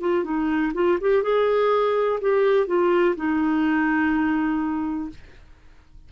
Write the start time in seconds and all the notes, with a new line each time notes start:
0.00 F4
0.24 D#4
0.74 F4
1.01 G4
1.22 G#4
2.20 G4
2.67 F4
3.16 D#4